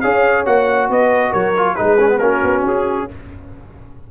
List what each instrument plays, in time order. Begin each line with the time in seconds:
0.00 tuba C#4, trombone G#4, horn C#5, trumpet F5
0.45 tuba A#3, trombone F#4, trumpet F#5
0.89 tuba B3, horn B4, trumpet D#5
1.30 tuba F#3, horn A#4, trumpet C#5
1.56 trombone F4
1.75 tuba G#3, trombone D#4, horn G#4, trumpet B4
1.99 trombone C#4
2.08 trombone B3
2.18 tuba A#3, trombone C#4, horn F#4, trumpet A#4
2.43 tuba B3
2.62 tuba C#4, trumpet G#4